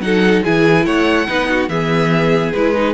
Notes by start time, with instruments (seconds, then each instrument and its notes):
0.00 cello F#3, viola D#4, violin A4 F#5
0.43 cello E3, viola E4, violin G#4 G#5
0.85 cello A3, violin C#5 F#5
1.27 cello B3, viola D#4, violin B4
1.49 violin F#4
1.68 cello E3, viola B3, violin G#4 E5
2.53 cello G#3, viola E4, violin B4
2.75 viola D#4